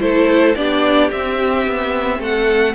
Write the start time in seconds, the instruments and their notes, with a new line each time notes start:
0.00 cello A3, viola E4, violin A4 C5
0.56 cello B3, viola D4, violin G4 D5
1.11 viola C4, cello C4, violin E5
1.67 cello B3
2.19 cello A3, violin A4 F#5